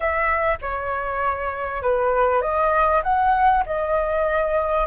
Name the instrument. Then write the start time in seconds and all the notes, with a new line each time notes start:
flute
0.00 E5
0.61 C#5
1.82 B4
2.41 D#5
3.03 F#5
3.66 D#5